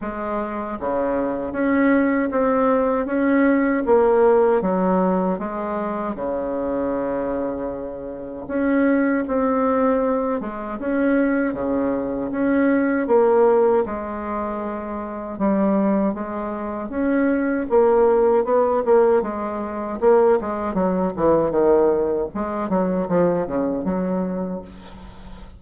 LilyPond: \new Staff \with { instrumentName = "bassoon" } { \time 4/4 \tempo 4 = 78 gis4 cis4 cis'4 c'4 | cis'4 ais4 fis4 gis4 | cis2. cis'4 | c'4. gis8 cis'4 cis4 |
cis'4 ais4 gis2 | g4 gis4 cis'4 ais4 | b8 ais8 gis4 ais8 gis8 fis8 e8 | dis4 gis8 fis8 f8 cis8 fis4 | }